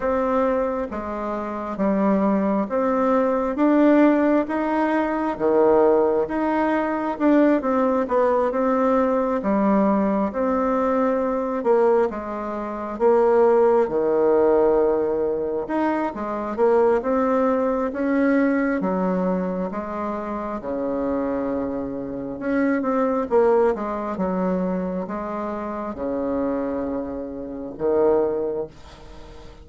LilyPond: \new Staff \with { instrumentName = "bassoon" } { \time 4/4 \tempo 4 = 67 c'4 gis4 g4 c'4 | d'4 dis'4 dis4 dis'4 | d'8 c'8 b8 c'4 g4 c'8~ | c'4 ais8 gis4 ais4 dis8~ |
dis4. dis'8 gis8 ais8 c'4 | cis'4 fis4 gis4 cis4~ | cis4 cis'8 c'8 ais8 gis8 fis4 | gis4 cis2 dis4 | }